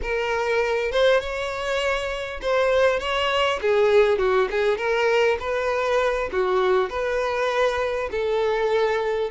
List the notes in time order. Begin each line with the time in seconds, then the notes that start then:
0.01 A#4
0.91 C5
1.20 C#5
2.41 C5
2.99 C#5
3.61 G#4
4.18 F#4
4.51 G#4
4.77 A#4
5.39 B4
6.32 F#4
6.89 B4
8.11 A4